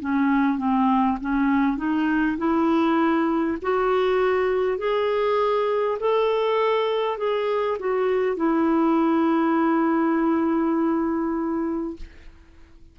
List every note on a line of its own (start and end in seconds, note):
0.00 0.58 C#4
0.58 1.18 C4
1.21 1.77 C#4
1.77 2.37 D#4
2.37 3.57 E4
3.62 4.78 F#4
4.78 5.98 G#4
5.99 7.18 A4
7.18 7.78 G#4
7.79 8.36 F#4
8.36 11.96 E4